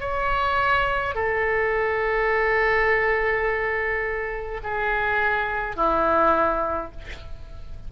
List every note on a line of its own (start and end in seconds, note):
0.00 1.14 C#5
1.14 4.60 A4
4.63 5.76 G#4
5.76 6.91 E4